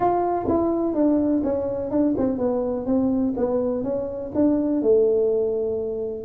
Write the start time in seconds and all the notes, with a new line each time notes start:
0.00 F4
0.48 E4
0.94 D4
1.43 C#4
1.90 D4
2.17 C4
2.38 B3
2.86 C4
3.36 B3
3.83 C#4
4.34 D4
4.82 A3